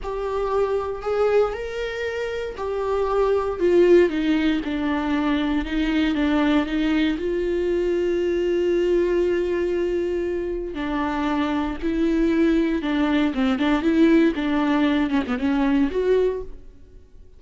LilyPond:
\new Staff \with { instrumentName = "viola" } { \time 4/4 \tempo 4 = 117 g'2 gis'4 ais'4~ | ais'4 g'2 f'4 | dis'4 d'2 dis'4 | d'4 dis'4 f'2~ |
f'1~ | f'4 d'2 e'4~ | e'4 d'4 c'8 d'8 e'4 | d'4. cis'16 b16 cis'4 fis'4 | }